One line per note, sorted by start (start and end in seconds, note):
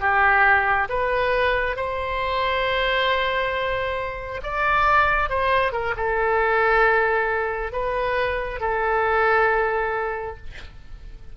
0.00 0.88 G4
0.89 1.76 B4
1.76 4.41 C5
4.43 5.29 D5
5.29 5.72 C5
5.72 5.94 A#4
5.96 7.72 A4
7.72 8.60 B4
8.60 10.36 A4